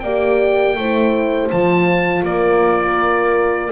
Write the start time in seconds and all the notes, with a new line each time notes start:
0.00 A#3 G4 D5 G5
0.77 A3 E4 C5
1.51 F3 F4 A5
2.22 A#3 A#4 D5